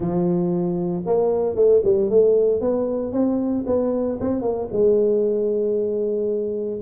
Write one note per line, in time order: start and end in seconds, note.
0.00 1.03 F3
1.06 1.55 A#3
1.55 1.81 A3
1.84 2.10 G3
2.10 2.60 A3
2.60 3.12 B3
3.12 3.64 C4
3.66 4.18 B3
4.20 4.41 C4
4.41 4.67 A#3
4.71 6.80 G#3